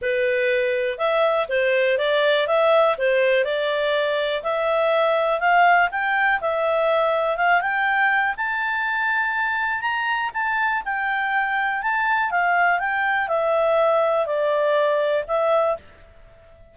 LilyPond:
\new Staff \with { instrumentName = "clarinet" } { \time 4/4 \tempo 4 = 122 b'2 e''4 c''4 | d''4 e''4 c''4 d''4~ | d''4 e''2 f''4 | g''4 e''2 f''8 g''8~ |
g''4 a''2. | ais''4 a''4 g''2 | a''4 f''4 g''4 e''4~ | e''4 d''2 e''4 | }